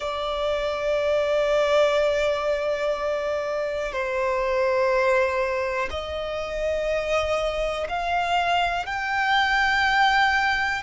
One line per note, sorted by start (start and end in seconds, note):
0.00 3.92 D5
3.92 5.88 C5
5.90 7.87 D#5
7.88 8.86 F5
8.86 10.82 G5